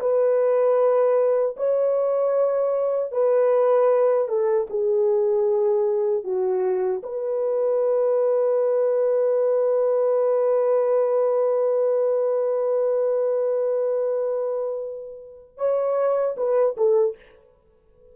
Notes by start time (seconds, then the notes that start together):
0.00 B4
1.57 C#5
3.12 B4
4.29 A4
4.70 G#4
6.24 F#4
7.03 B4
15.58 C#5
16.37 B4
16.77 A4